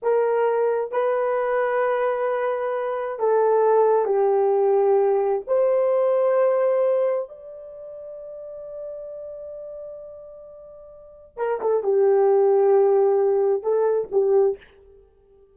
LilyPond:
\new Staff \with { instrumentName = "horn" } { \time 4/4 \tempo 4 = 132 ais'2 b'2~ | b'2. a'4~ | a'4 g'2. | c''1 |
d''1~ | d''1~ | d''4 ais'8 a'8 g'2~ | g'2 a'4 g'4 | }